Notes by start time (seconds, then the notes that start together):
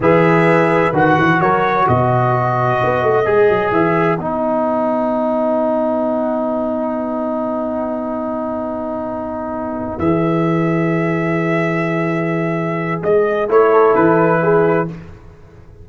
0.00 E3 G#4 B4 E5
0.93 D#3 F#4 F#5
1.18 E3
1.40 F#3 A#4 C#5
1.87 B2 B4 D#5
2.83 B3
3.02 A3
3.25 G#3 G#4
3.48 F#3
3.71 E3 E5
4.18 B3 D#4 F#5
9.98 E3 G#4 E5
13.02 G#3 D#5
13.48 A3 E4 C#5
13.71 A4
13.95 E3 B4
14.42 G#4